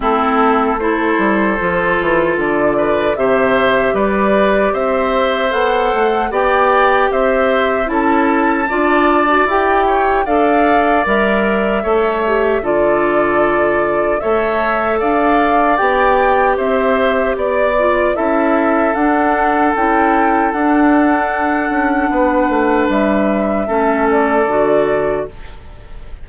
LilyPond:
<<
  \new Staff \with { instrumentName = "flute" } { \time 4/4 \tempo 4 = 76 a'4 c''2 d''4 | e''4 d''4 e''4 fis''4 | g''4 e''4 a''2 | g''4 f''4 e''2 |
d''2 e''4 f''4 | g''4 e''4 d''4 e''4 | fis''4 g''4 fis''2~ | fis''4 e''4. d''4. | }
  \new Staff \with { instrumentName = "oboe" } { \time 4/4 e'4 a'2~ a'8 b'8 | c''4 b'4 c''2 | d''4 c''4 a'4 d''4~ | d''8 cis''8 d''2 cis''4 |
a'2 cis''4 d''4~ | d''4 c''4 d''4 a'4~ | a'1 | b'2 a'2 | }
  \new Staff \with { instrumentName = "clarinet" } { \time 4/4 c'4 e'4 f'2 | g'2. a'4 | g'2 e'4 f'8. fis'16 | g'4 a'4 ais'4 a'8 g'8 |
f'2 a'2 | g'2~ g'8 f'8 e'4 | d'4 e'4 d'2~ | d'2 cis'4 fis'4 | }
  \new Staff \with { instrumentName = "bassoon" } { \time 4/4 a4. g8 f8 e8 d4 | c4 g4 c'4 b8 a8 | b4 c'4 cis'4 d'4 | e'4 d'4 g4 a4 |
d2 a4 d'4 | b4 c'4 b4 cis'4 | d'4 cis'4 d'4. cis'8 | b8 a8 g4 a4 d4 | }
>>